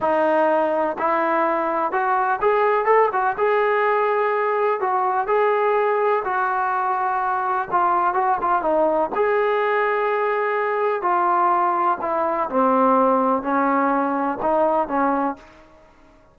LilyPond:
\new Staff \with { instrumentName = "trombone" } { \time 4/4 \tempo 4 = 125 dis'2 e'2 | fis'4 gis'4 a'8 fis'8 gis'4~ | gis'2 fis'4 gis'4~ | gis'4 fis'2. |
f'4 fis'8 f'8 dis'4 gis'4~ | gis'2. f'4~ | f'4 e'4 c'2 | cis'2 dis'4 cis'4 | }